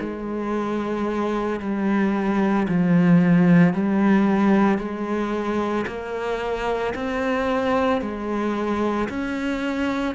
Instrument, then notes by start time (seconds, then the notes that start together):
cello
0.00 G#3
1.59 G3
2.68 F3
3.73 G3
4.78 G#3
5.86 A#3
6.94 C4
8.01 G#3
9.09 C#4